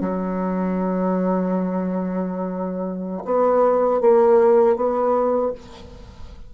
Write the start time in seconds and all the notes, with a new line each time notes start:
0.00 F#3
3.25 B3
4.00 A#3
4.76 B3